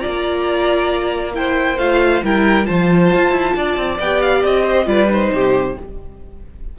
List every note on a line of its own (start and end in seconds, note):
0.00 1.78 A#3
0.00 1.33 F4
0.00 1.34 D5
0.00 1.32 A#5
1.34 1.78 E4
1.34 2.24 C5
1.34 1.79 G5
1.78 2.22 A3
1.78 2.24 F4
1.78 2.23 F5
2.24 2.68 G3
2.24 2.65 E4
2.24 2.67 A#4
2.24 2.66 G5
2.65 3.14 F3
2.65 3.97 F4
2.65 3.55 C5
2.65 3.98 A5
3.14 3.31 F4
3.31 3.53 E4
3.56 3.77 D4
3.56 4.63 D5
3.77 3.99 C4
4.00 4.44 B3
4.00 4.86 G4
4.00 4.21 G5
4.21 4.43 F5
4.44 4.87 C4
4.44 4.88 D#5
4.63 4.85 C5
4.86 5.31 G3
4.86 5.08 F4
4.86 5.33 B4
4.86 5.10 D5
5.09 5.75 D#4
5.09 5.79 C5
5.33 5.77 C3
5.33 5.79 G4